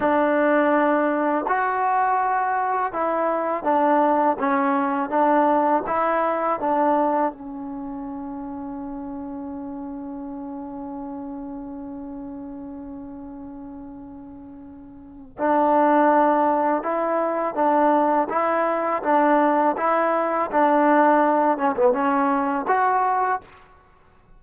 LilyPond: \new Staff \with { instrumentName = "trombone" } { \time 4/4 \tempo 4 = 82 d'2 fis'2 | e'4 d'4 cis'4 d'4 | e'4 d'4 cis'2~ | cis'1~ |
cis'1~ | cis'4 d'2 e'4 | d'4 e'4 d'4 e'4 | d'4. cis'16 b16 cis'4 fis'4 | }